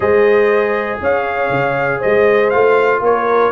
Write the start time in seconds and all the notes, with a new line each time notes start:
0.00 G#3 G#4 C5 D#5
1.00 C#4 C#5 F5
1.50 C#3
1.99 G#3 C5 D#5
2.49 A3 F4 F5
3.00 A#3 A#4 C#5